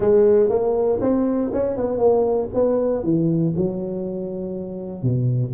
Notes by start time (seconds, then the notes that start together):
0.00 G#3
0.49 A#3
1.00 C4
1.53 C#4
1.76 B3
1.98 A#3
2.53 B3
3.03 E3
3.56 F#3
5.02 B2